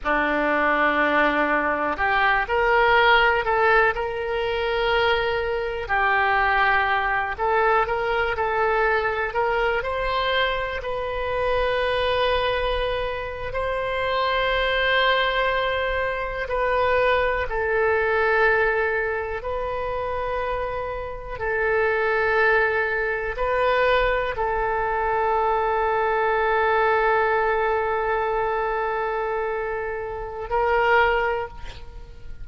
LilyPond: \new Staff \with { instrumentName = "oboe" } { \time 4/4 \tempo 4 = 61 d'2 g'8 ais'4 a'8 | ais'2 g'4. a'8 | ais'8 a'4 ais'8 c''4 b'4~ | b'4.~ b'16 c''2~ c''16~ |
c''8. b'4 a'2 b'16~ | b'4.~ b'16 a'2 b'16~ | b'8. a'2.~ a'16~ | a'2. ais'4 | }